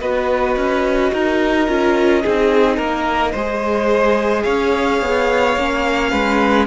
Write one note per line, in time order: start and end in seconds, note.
0.00 0.56 B3
0.00 1.68 F#4
0.00 1.11 B4
0.00 4.43 D#5
0.56 1.12 C#4
1.12 1.68 D#4
1.12 2.22 A#4
1.68 2.24 C#4
1.68 2.23 F4
2.22 2.78 C4
2.22 3.36 D#4
2.22 2.76 G#4
2.76 3.33 A#3
2.76 3.32 A#4
3.32 4.46 G#3
3.32 5.58 G#4
3.32 4.43 C5
4.43 5.01 C#4
4.43 6.11 C#5
4.43 6.65 F5
5.01 5.56 B3
5.56 6.12 A#3
5.56 6.67 C#4
6.11 6.67 G#3
6.11 6.66 B4